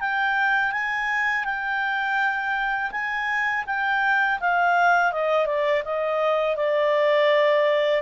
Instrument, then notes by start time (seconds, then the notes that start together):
clarinet
0.00 G5
0.72 G#5
1.45 G5
2.91 G#5
3.66 G5
4.40 F5
5.12 D#5
5.46 D5
5.84 D#5
6.56 D5